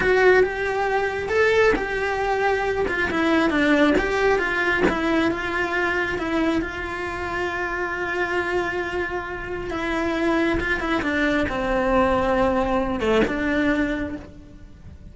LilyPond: \new Staff \with { instrumentName = "cello" } { \time 4/4 \tempo 4 = 136 fis'4 g'2 a'4 | g'2~ g'8 f'8 e'4 | d'4 g'4 f'4 e'4 | f'2 e'4 f'4~ |
f'1~ | f'2 e'2 | f'8 e'8 d'4 c'2~ | c'4. a8 d'2 | }